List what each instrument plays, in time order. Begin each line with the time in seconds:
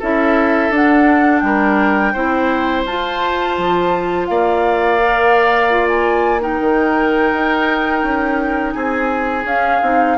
0.00 bassoon C#4, clarinet E4, oboe A4, flute E5
0.70 bassoon D4, clarinet D4, flute F#5
1.40 bassoon G3, flute G5
1.46 oboe A#4
2.13 bassoon C4, clarinet E4, oboe C5
2.86 bassoon F4, clarinet F4, flute A5
3.58 bassoon F3
4.26 bassoon A#3, oboe D5, flute F5
5.00 clarinet A#4
5.71 clarinet F4
5.88 flute G#5
6.40 clarinet D#4, oboe A#4, flute G5
6.61 bassoon D#3
7.33 bassoon D#4
8.03 bassoon C#4
8.73 bassoon C4, oboe G#4, flute G#5
9.45 bassoon C#4, clarinet C#4, flute F5
9.82 bassoon C4, clarinet D#4